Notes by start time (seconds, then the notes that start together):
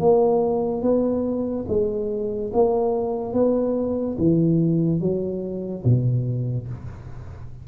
0.00 A#3
0.82 B3
1.68 G#3
2.53 A#3
3.34 B3
4.19 E3
5.01 F#3
5.84 B2